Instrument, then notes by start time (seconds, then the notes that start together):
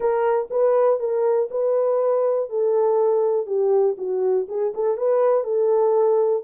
horn
0.00 A#4
0.50 B4
0.99 A#4
1.50 B4
2.49 A4
3.46 G4
3.97 F#4
4.48 G#4
4.74 A4
4.97 B4
5.44 A4